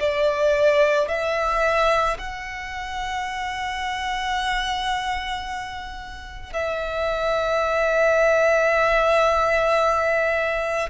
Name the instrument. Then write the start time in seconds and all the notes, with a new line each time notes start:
violin
0.00 D5
1.09 E5
2.19 F#5
6.53 E5